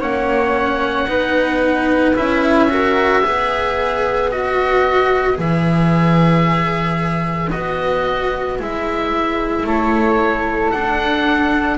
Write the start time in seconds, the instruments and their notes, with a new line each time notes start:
0.00 double bass A#3, cello C#4, flute C#5, oboe F#5
1.08 double bass B3, cello D#4, flute B4
2.16 double bass C#4, cello E4, oboe E5
2.70 cello F#4, flute A#4
3.23 double bass B3, cello G#4, flute B4
4.31 cello F#4, oboe D#5
5.34 double bass E3, cello G#4
5.41 oboe E5
7.51 double bass B3, cello F#4, oboe D#5
8.60 double bass G#3, cello E4, oboe E5
9.64 double bass A3, flute A4, oboe C#5
10.72 cello D4, double bass D4, oboe F#5